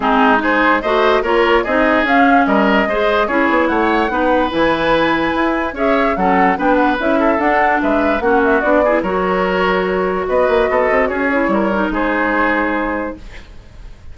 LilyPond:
<<
  \new Staff \with { instrumentName = "flute" } { \time 4/4 \tempo 4 = 146 gis'4 c''4 dis''4 cis''4 | dis''4 f''4 dis''2 | cis''4 fis''2 gis''4~ | gis''2 e''4 fis''4 |
g''8 fis''8 e''4 fis''4 e''4 | fis''8 e''8 d''4 cis''2~ | cis''4 dis''2 cis''4~ | cis''4 c''2. | }
  \new Staff \with { instrumentName = "oboe" } { \time 4/4 dis'4 gis'4 c''4 ais'4 | gis'2 ais'4 c''4 | gis'4 cis''4 b'2~ | b'2 cis''4 a'4 |
b'4. a'4. b'4 | fis'4. gis'8 ais'2~ | ais'4 b'4 a'4 gis'4 | ais'4 gis'2. | }
  \new Staff \with { instrumentName = "clarinet" } { \time 4/4 c'4 dis'4 fis'4 f'4 | dis'4 cis'2 gis'4 | e'2 dis'4 e'4~ | e'2 gis'4 cis'4 |
d'4 e'4 d'2 | cis'4 d'8 e'8 fis'2~ | fis'2.~ fis'8 e'8~ | e'8 dis'2.~ dis'8 | }
  \new Staff \with { instrumentName = "bassoon" } { \time 4/4 gis2 a4 ais4 | c'4 cis'4 g4 gis4 | cis'8 b8 a4 b4 e4~ | e4 e'4 cis'4 fis4 |
b4 cis'4 d'4 gis4 | ais4 b4 fis2~ | fis4 b8 ais8 b8 c'8 cis'4 | g4 gis2. | }
>>